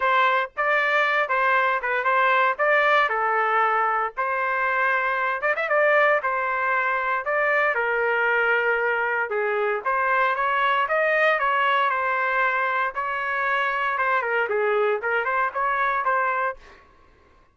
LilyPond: \new Staff \with { instrumentName = "trumpet" } { \time 4/4 \tempo 4 = 116 c''4 d''4. c''4 b'8 | c''4 d''4 a'2 | c''2~ c''8 d''16 e''16 d''4 | c''2 d''4 ais'4~ |
ais'2 gis'4 c''4 | cis''4 dis''4 cis''4 c''4~ | c''4 cis''2 c''8 ais'8 | gis'4 ais'8 c''8 cis''4 c''4 | }